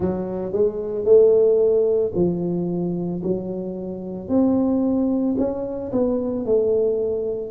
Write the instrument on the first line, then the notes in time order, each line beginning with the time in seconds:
tuba
0.00 F#3
0.52 G#3
1.04 A3
2.14 F3
3.22 F#3
4.28 C4
5.38 C#4
5.92 B3
6.45 A3